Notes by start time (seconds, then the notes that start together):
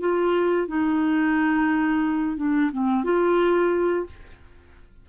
0.00 F4
0.67 D#4
2.37 D4
2.72 C4
3.04 F4